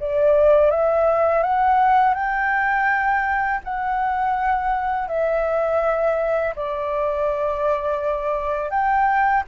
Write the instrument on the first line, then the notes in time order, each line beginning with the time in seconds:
flute
0.00 D5
0.71 E5
1.43 F#5
2.15 G5
3.64 F#5
5.08 E5
6.56 D5
8.70 G5